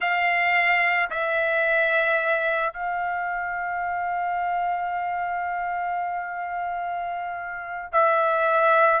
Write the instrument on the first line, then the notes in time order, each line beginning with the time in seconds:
trumpet
0.00 F5
1.10 E5
2.73 F5
7.92 E5